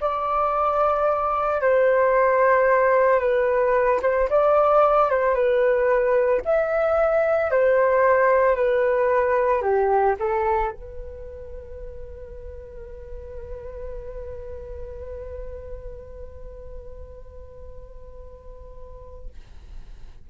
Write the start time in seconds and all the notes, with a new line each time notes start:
0.00 D5
1.61 C5
3.19 B4
4.02 C5
4.30 D5
5.10 C5
5.34 B4
6.45 E5
7.50 C5
8.56 B4
9.61 G4
10.19 A4
10.71 B4